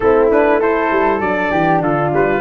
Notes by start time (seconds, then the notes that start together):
0.00 A3 C4 E4 A4
0.30 D4 B4
0.60 E4 A4 C5
0.91 G3
1.20 F#3 D4 D5
1.51 E3 G4
1.80 D3 F4 A4
2.13 G3 B4